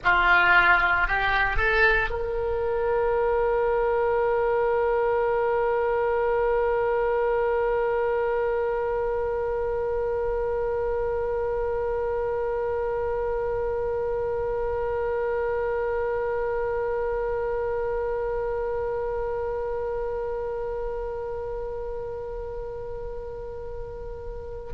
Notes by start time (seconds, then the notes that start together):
0.03 F4
1.07 G4
1.56 A4
2.10 A#4